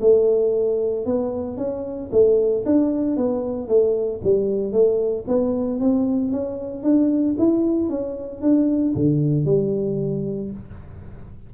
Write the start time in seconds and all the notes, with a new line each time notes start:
0.00 A3
1.06 B3
1.57 C#4
2.12 A3
2.65 D4
3.17 B3
3.68 A3
4.23 G3
4.72 A3
5.28 B3
5.80 C4
6.31 C#4
6.83 D4
7.38 E4
7.89 C#4
8.41 D4
8.95 D3
9.45 G3